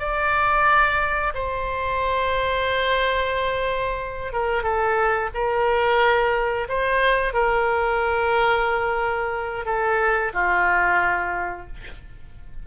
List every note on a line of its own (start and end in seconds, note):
0.00 1.33 D5
1.35 4.33 C5
4.33 4.63 A#4
4.63 5.30 A4
5.35 6.68 A#4
6.69 7.34 C5
7.34 9.66 A#4
9.66 10.33 A4
10.34 11.67 F4